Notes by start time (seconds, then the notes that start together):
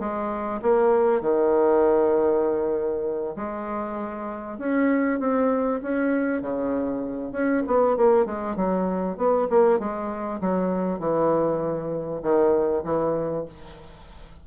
0.00 G#3
0.63 A#3
1.22 D#3
3.37 G#3
4.59 C#4
5.20 C4
5.83 C#4
6.42 C#3
7.32 C#4
7.67 B3
7.97 A#3
8.26 G#3
8.57 F#3
9.18 B3
9.51 A#3
9.80 G#3
10.41 F#3
11.00 E3
12.23 D#3
12.84 E3